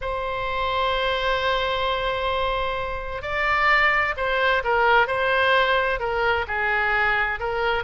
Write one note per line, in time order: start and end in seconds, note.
0.01 3.22 C5
3.22 4.14 D5
4.16 4.62 C5
4.63 5.07 A#4
5.07 5.99 C5
5.99 6.45 A#4
6.47 7.39 G#4
7.39 7.83 A#4